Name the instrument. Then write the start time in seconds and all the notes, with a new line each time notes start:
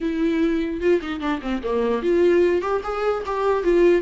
viola
0.01 E4
0.81 F4
1.01 D#4
1.20 D4
1.42 C4
1.63 A#3
2.02 F4
2.61 G4
2.83 G#4
3.25 G4
3.63 F4